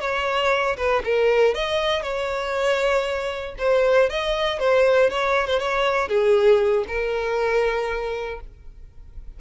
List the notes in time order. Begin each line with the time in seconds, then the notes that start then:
0.00 C#5
0.77 B4
1.04 A#4
1.54 D#5
2.02 C#5
3.58 C5
4.09 D#5
4.59 C5
5.10 C#5
5.47 C5
5.59 C#5
6.08 G#4
6.87 A#4